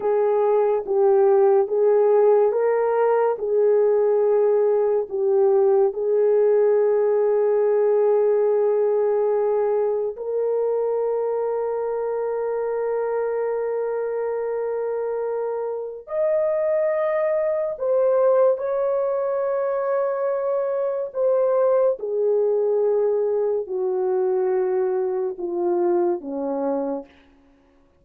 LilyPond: \new Staff \with { instrumentName = "horn" } { \time 4/4 \tempo 4 = 71 gis'4 g'4 gis'4 ais'4 | gis'2 g'4 gis'4~ | gis'1 | ais'1~ |
ais'2. dis''4~ | dis''4 c''4 cis''2~ | cis''4 c''4 gis'2 | fis'2 f'4 cis'4 | }